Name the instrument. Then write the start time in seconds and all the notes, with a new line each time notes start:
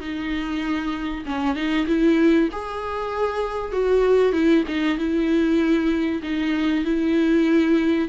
viola
0.00 D#4
1.26 C#4
1.55 D#4
1.87 E4
2.52 G#4
3.72 F#4
4.33 E4
4.68 D#4
4.98 E4
6.22 D#4
6.85 E4